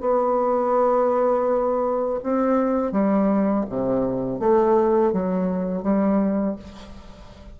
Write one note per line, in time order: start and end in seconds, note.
0.00 2.20 B3
2.23 2.91 C4
2.91 3.65 G3
3.69 4.39 C3
4.39 5.12 A3
5.12 5.82 F#3
5.82 6.56 G3